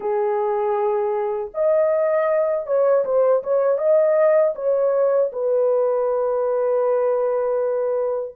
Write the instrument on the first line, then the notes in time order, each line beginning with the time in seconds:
horn
0.00 G#4
1.54 D#5
2.66 C#5
3.04 C5
3.43 C#5
3.78 D#5
4.55 C#5
5.32 B4